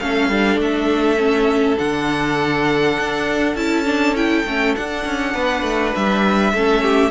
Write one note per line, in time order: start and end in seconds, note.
0.00 0.29 A3
0.00 0.31 C#4
0.00 5.34 A4
0.00 0.59 F5
0.29 0.57 G3
0.29 1.17 D4
0.57 1.76 A3
0.57 1.78 E5
1.17 1.77 C#4
1.77 2.99 D3
1.77 3.55 D4
1.77 3.56 F#5
3.00 3.55 D4
3.55 4.44 C#4
3.55 3.86 E4
3.55 4.16 A5
3.86 4.15 D4
4.15 4.45 E4
4.15 4.76 G5
4.46 4.75 A3
4.46 4.77 C#4
4.76 6.55 D4
4.76 5.05 D4
4.76 5.95 F#5
5.05 5.35 C#4
5.34 5.63 B3
5.34 6.53 B4
5.63 5.93 A3
5.95 6.53 G3
5.95 7.11 E5
6.53 7.11 A3
6.53 7.11 C#4
6.53 6.83 A4
6.83 7.11 G4